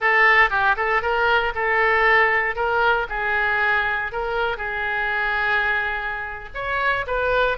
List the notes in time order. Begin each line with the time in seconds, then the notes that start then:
0.00 A4
0.50 G4
0.76 A4
1.02 A#4
1.55 A4
2.55 A#4
3.09 G#4
4.12 A#4
4.57 G#4
6.54 C#5
7.06 B4